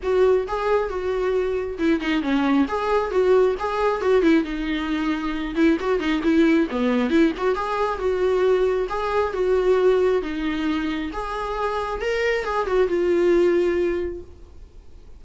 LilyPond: \new Staff \with { instrumentName = "viola" } { \time 4/4 \tempo 4 = 135 fis'4 gis'4 fis'2 | e'8 dis'8 cis'4 gis'4 fis'4 | gis'4 fis'8 e'8 dis'2~ | dis'8 e'8 fis'8 dis'8 e'4 b4 |
e'8 fis'8 gis'4 fis'2 | gis'4 fis'2 dis'4~ | dis'4 gis'2 ais'4 | gis'8 fis'8 f'2. | }